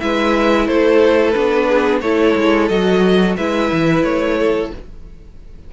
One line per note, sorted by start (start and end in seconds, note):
0.00 0.67 G#3
0.00 1.35 E4
0.00 0.67 B4
0.00 0.67 E5
0.67 1.35 A3
0.67 1.68 A4
0.67 1.30 C5
1.30 2.01 B3
1.30 2.02 D4
1.30 1.98 B4
1.68 2.02 G#4
2.01 2.35 A3
2.01 2.70 E4
2.01 3.37 A4
2.01 2.68 C#5
2.36 2.69 G#3
2.68 3.37 F#3
2.68 3.37 F#4
2.68 3.36 D#5
3.37 3.71 G#3
3.37 4.73 E4
3.37 4.38 B4
3.37 4.04 E5
3.72 4.03 E3
4.03 4.71 A3
4.03 4.71 C#5
4.38 4.72 A4